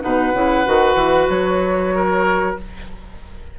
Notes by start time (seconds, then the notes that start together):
0.00 B2 D#4 B4 F#5
0.33 C#3 E4
0.65 D#3 F#4
0.95 E3
1.29 F#3 C#5
1.95 A#4